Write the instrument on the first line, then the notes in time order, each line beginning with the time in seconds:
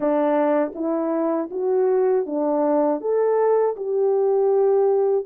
horn
0.00 D4
0.74 E4
1.50 F#4
2.25 D4
3.00 A4
3.76 G4